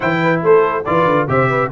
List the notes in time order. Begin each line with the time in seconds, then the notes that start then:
0.00 E3 E4 C5 G5
0.22 B4
0.42 A3 A4 C5
0.84 E3 F4 B4 D5
1.04 D3
1.27 C3 G4 C5 E5
1.49 B4